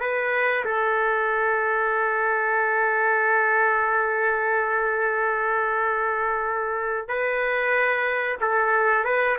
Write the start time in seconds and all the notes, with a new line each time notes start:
0.00 B4
0.65 A4
7.08 B4
8.41 A4
9.05 B4